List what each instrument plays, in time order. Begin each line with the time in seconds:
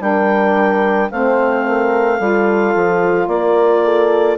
0.00 bassoon G3, saxophone D4, horn A#4, clarinet G5
1.11 bassoon A3, saxophone C4, horn C5, clarinet F5
1.67 horn A#4
2.19 bassoon G3, saxophone F4, horn A4
2.75 bassoon F3
3.27 bassoon A#3, horn A#4, clarinet D5
3.84 horn A4